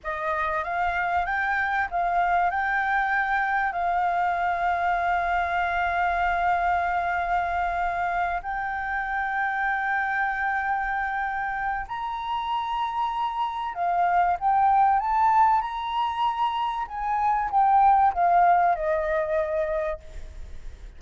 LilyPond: \new Staff \with { instrumentName = "flute" } { \time 4/4 \tempo 4 = 96 dis''4 f''4 g''4 f''4 | g''2 f''2~ | f''1~ | f''4. g''2~ g''8~ |
g''2. ais''4~ | ais''2 f''4 g''4 | a''4 ais''2 gis''4 | g''4 f''4 dis''2 | }